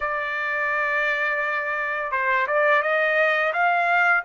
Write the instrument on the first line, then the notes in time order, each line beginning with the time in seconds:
trumpet
0.00 D5
2.11 C5
2.47 D5
2.82 D#5
3.53 F5